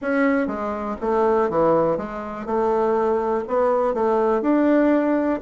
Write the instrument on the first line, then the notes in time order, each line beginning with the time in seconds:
bassoon
0.01 C#4
0.47 G#3
1.00 A3
1.49 E3
1.97 G#3
2.46 A3
3.47 B3
3.93 A3
4.42 D4